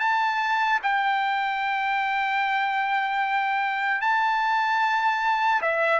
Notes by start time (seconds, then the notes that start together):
0.00 A5
0.83 G5
4.01 A5
5.62 E5